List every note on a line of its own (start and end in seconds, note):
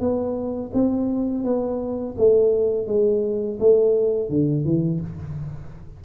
0.00 0.71 B3
0.74 1.44 C4
1.44 2.16 B3
2.18 2.87 A3
2.87 3.58 G#3
3.60 4.30 A3
4.30 4.65 D3
4.65 5.01 E3